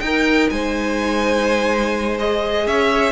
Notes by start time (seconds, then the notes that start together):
0.00 D#4 A#4 G5
0.50 G#3 C5 G#5
2.19 G#4 D#5
2.66 C#4 C#5 E5